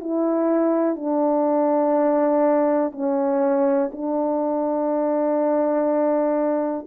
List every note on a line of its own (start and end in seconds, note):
0.00 0.96 E4
0.96 2.92 D4
2.92 3.90 C#4
3.92 6.87 D4